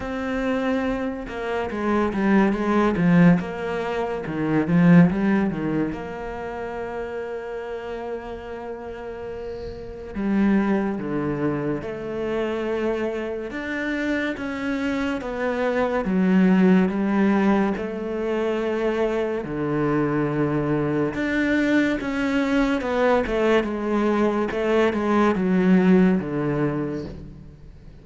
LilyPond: \new Staff \with { instrumentName = "cello" } { \time 4/4 \tempo 4 = 71 c'4. ais8 gis8 g8 gis8 f8 | ais4 dis8 f8 g8 dis8 ais4~ | ais1 | g4 d4 a2 |
d'4 cis'4 b4 fis4 | g4 a2 d4~ | d4 d'4 cis'4 b8 a8 | gis4 a8 gis8 fis4 d4 | }